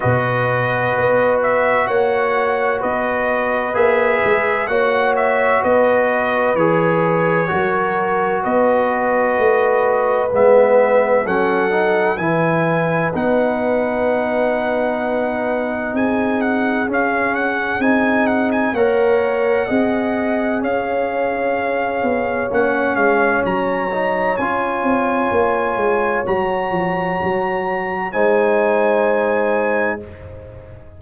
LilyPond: <<
  \new Staff \with { instrumentName = "trumpet" } { \time 4/4 \tempo 4 = 64 dis''4. e''8 fis''4 dis''4 | e''4 fis''8 e''8 dis''4 cis''4~ | cis''4 dis''2 e''4 | fis''4 gis''4 fis''2~ |
fis''4 gis''8 fis''8 f''8 fis''8 gis''8 fis''16 gis''16 | fis''2 f''2 | fis''8 f''8 ais''4 gis''2 | ais''2 gis''2 | }
  \new Staff \with { instrumentName = "horn" } { \time 4/4 b'2 cis''4 b'4~ | b'4 cis''4 b'2 | ais'4 b'2. | a'4 b'2.~ |
b'4 gis'2. | cis''4 dis''4 cis''2~ | cis''1~ | cis''2 c''2 | }
  \new Staff \with { instrumentName = "trombone" } { \time 4/4 fis'1 | gis'4 fis'2 gis'4 | fis'2. b4 | cis'8 dis'8 e'4 dis'2~ |
dis'2 cis'4 dis'4 | ais'4 gis'2. | cis'4. dis'8 f'2 | fis'2 dis'2 | }
  \new Staff \with { instrumentName = "tuba" } { \time 4/4 b,4 b4 ais4 b4 | ais8 gis8 ais4 b4 e4 | fis4 b4 a4 gis4 | fis4 e4 b2~ |
b4 c'4 cis'4 c'4 | ais4 c'4 cis'4. b8 | ais8 gis8 fis4 cis'8 c'8 ais8 gis8 | fis8 f8 fis4 gis2 | }
>>